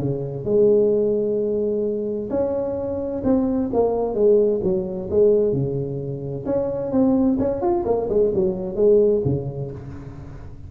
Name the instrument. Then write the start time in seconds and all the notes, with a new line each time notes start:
tuba
0.00 C#3
0.45 G#3
2.31 C#4
3.25 C4
3.74 A#3
4.15 G#3
4.64 F#3
5.11 G#3
5.53 C#3
6.46 C#4
6.92 C4
7.40 C#4
7.62 F4
7.86 A#3
8.10 G#3
8.35 F#3
8.76 G#3
9.25 C#3